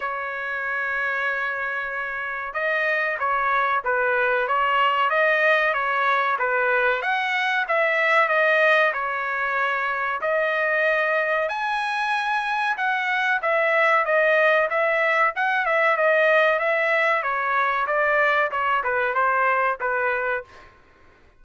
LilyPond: \new Staff \with { instrumentName = "trumpet" } { \time 4/4 \tempo 4 = 94 cis''1 | dis''4 cis''4 b'4 cis''4 | dis''4 cis''4 b'4 fis''4 | e''4 dis''4 cis''2 |
dis''2 gis''2 | fis''4 e''4 dis''4 e''4 | fis''8 e''8 dis''4 e''4 cis''4 | d''4 cis''8 b'8 c''4 b'4 | }